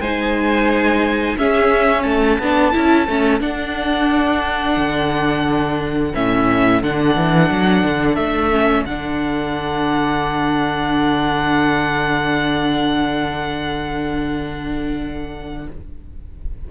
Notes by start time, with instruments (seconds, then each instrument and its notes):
0.00 cello G#3, viola D#4, violin C5 G#5
1.37 viola C#4, cello C#4, violin G#4 E5
2.03 cello A3, violin A4 A5
2.39 cello B3, viola D4
2.73 cello C#4, viola E4
3.08 cello A3, viola C#4
3.41 cello D4, viola D4, violin F#5
4.77 cello D3
6.15 cello A2, viola C#4, violin E5
6.83 cello D3, viola D4, violin F#5
7.16 cello E3
7.51 cello F#3
7.84 cello D3
8.16 cello A3, violin E5
8.52 viola C#4
8.86 cello D3, viola D4, violin F#5